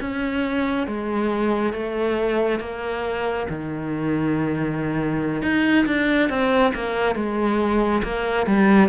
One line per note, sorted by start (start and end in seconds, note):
0.00 0.87 C#4
0.87 1.73 G#3
1.73 2.60 A3
2.60 3.47 A#3
3.49 5.42 D#3
5.42 5.85 D#4
5.86 6.29 D4
6.29 6.73 C4
6.74 7.15 A#3
7.15 8.02 G#3
8.03 8.47 A#3
8.47 8.89 G3